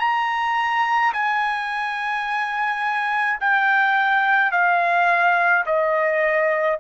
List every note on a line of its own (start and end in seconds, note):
0.00 1.13 A#5
1.13 3.40 G#5
3.41 4.52 G5
4.52 5.65 F5
5.66 6.79 D#5